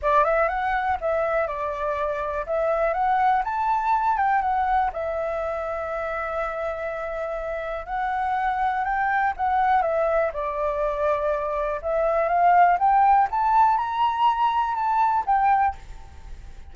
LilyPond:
\new Staff \with { instrumentName = "flute" } { \time 4/4 \tempo 4 = 122 d''8 e''8 fis''4 e''4 d''4~ | d''4 e''4 fis''4 a''4~ | a''8 g''8 fis''4 e''2~ | e''1 |
fis''2 g''4 fis''4 | e''4 d''2. | e''4 f''4 g''4 a''4 | ais''2 a''4 g''4 | }